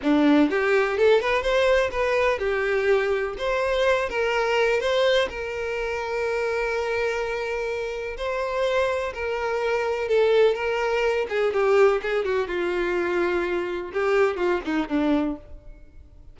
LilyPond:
\new Staff \with { instrumentName = "violin" } { \time 4/4 \tempo 4 = 125 d'4 g'4 a'8 b'8 c''4 | b'4 g'2 c''4~ | c''8 ais'4. c''4 ais'4~ | ais'1~ |
ais'4 c''2 ais'4~ | ais'4 a'4 ais'4. gis'8 | g'4 gis'8 fis'8 f'2~ | f'4 g'4 f'8 dis'8 d'4 | }